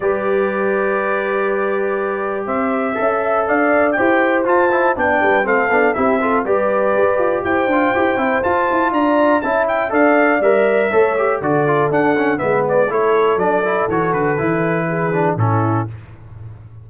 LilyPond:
<<
  \new Staff \with { instrumentName = "trumpet" } { \time 4/4 \tempo 4 = 121 d''1~ | d''4 e''2 f''4 | g''4 a''4 g''4 f''4 | e''4 d''2 g''4~ |
g''4 a''4 ais''4 a''8 g''8 | f''4 e''2 d''4 | fis''4 e''8 d''8 cis''4 d''4 | cis''8 b'2~ b'8 a'4 | }
  \new Staff \with { instrumentName = "horn" } { \time 4/4 b'1~ | b'4 c''4 e''4 d''4 | c''2 d''8 b'8 a'4 | g'8 a'8 b'2 c''4~ |
c''2 d''4 e''4 | d''2 cis''4 a'4~ | a'4 b'4 a'2~ | a'2 gis'4 e'4 | }
  \new Staff \with { instrumentName = "trombone" } { \time 4/4 g'1~ | g'2 a'2 | g'4 f'8 e'8 d'4 c'8 d'8 | e'8 f'8 g'2~ g'8 f'8 |
g'8 e'8 f'2 e'4 | a'4 ais'4 a'8 g'8 fis'8 f'8 | d'8 cis'8 b4 e'4 d'8 e'8 | fis'4 e'4. d'8 cis'4 | }
  \new Staff \with { instrumentName = "tuba" } { \time 4/4 g1~ | g4 c'4 cis'4 d'4 | e'4 f'4 b8 g8 a8 b8 | c'4 g4 g'8 f'8 e'8 d'8 |
e'8 c'8 f'8 e'8 d'4 cis'4 | d'4 g4 a4 d4 | d'4 gis4 a4 fis4 | e8 d8 e2 a,4 | }
>>